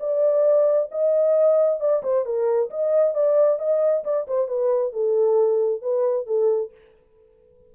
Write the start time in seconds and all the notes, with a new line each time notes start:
0.00 D5
0.92 D#5
1.81 D5
2.03 C5
2.26 A#4
2.71 D#5
3.15 D5
3.59 D#5
4.05 D5
4.28 C5
4.48 B4
4.93 A4
5.82 B4
6.27 A4